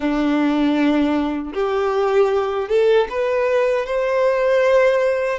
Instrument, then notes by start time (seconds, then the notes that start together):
violin
0.00 D4
1.53 G4
2.69 A4
3.09 B4
3.85 C5